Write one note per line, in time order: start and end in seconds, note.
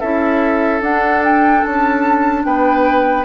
0.00 0.81 C#4
0.00 0.82 E4
0.00 2.43 A4
0.00 0.81 E5
0.81 1.62 D4
0.81 3.25 D4
0.81 1.23 F#5
1.24 1.64 G5
1.64 2.45 C#4
1.64 2.45 A5
2.45 3.25 B3
2.45 3.25 B4
2.45 3.25 G5